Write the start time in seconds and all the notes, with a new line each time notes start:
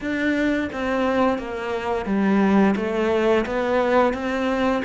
0.00 D4
0.72 C4
1.38 A#3
2.05 G3
2.76 A3
3.45 B3
4.13 C4